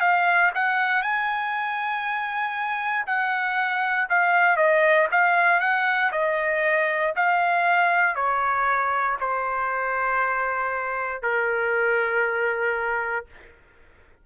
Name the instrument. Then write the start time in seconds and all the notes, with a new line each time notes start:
trumpet
0.00 F5
0.55 F#5
1.02 G#5
3.06 F#5
4.09 F5
4.56 D#5
5.11 F5
5.60 F#5
6.12 D#5
7.16 F5
8.15 C#5
9.20 C5
11.22 A#4